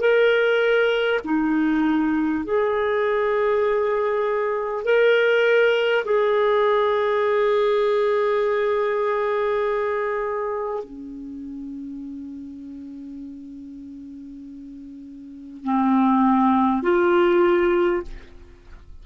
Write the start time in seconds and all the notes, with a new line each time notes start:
0.00 A#4
1.24 D#4
2.44 G#4
4.84 A#4
6.04 G#4
10.84 C#4
15.64 C4
16.82 F4